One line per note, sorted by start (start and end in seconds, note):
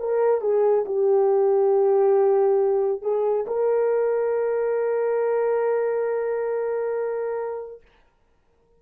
0.00 0.41 A#4
0.41 0.85 G#4
0.85 3.02 G4
3.02 3.45 G#4
3.47 7.82 A#4